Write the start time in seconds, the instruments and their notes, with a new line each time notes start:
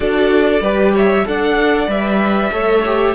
0.00 cello D4, viola F#4, violin A4 D5
0.61 cello G3, viola G4, violin B4
0.94 violin C#5 E5
1.25 cello D4, viola A4, violin D5 F#5
1.87 cello G3, viola B4, violin E5
2.51 cello A3, viola A4, violin C#5
2.85 viola G4